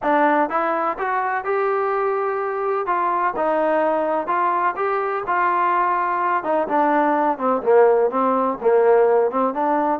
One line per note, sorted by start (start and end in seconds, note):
0.03 0.49 D4
0.49 0.97 E4
0.98 1.44 F#4
1.44 2.86 G4
2.86 3.33 F4
3.36 4.27 D#4
4.27 4.74 F4
4.76 5.23 G4
5.26 6.43 F4
6.43 6.67 D#4
6.68 7.38 D4
7.38 7.61 C4
7.62 8.10 A#3
8.10 8.57 C4
8.61 9.30 A#3
9.30 9.53 C4
9.53 10.00 D4